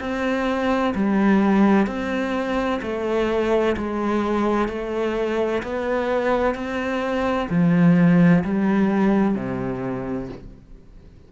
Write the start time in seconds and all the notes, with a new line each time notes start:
0.00 C4
0.95 G3
1.87 C4
2.82 A3
3.77 G#3
4.68 A3
5.63 B3
6.55 C4
7.50 F3
8.44 G3
9.35 C3